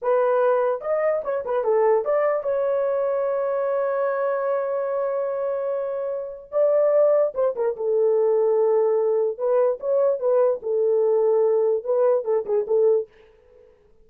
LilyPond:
\new Staff \with { instrumentName = "horn" } { \time 4/4 \tempo 4 = 147 b'2 dis''4 cis''8 b'8 | a'4 d''4 cis''2~ | cis''1~ | cis''1 |
d''2 c''8 ais'8 a'4~ | a'2. b'4 | cis''4 b'4 a'2~ | a'4 b'4 a'8 gis'8 a'4 | }